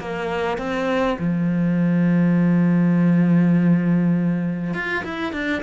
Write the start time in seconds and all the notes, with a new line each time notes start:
0.00 A#3
0.58 C4
1.19 F3
4.74 F4
5.04 E4
5.32 D4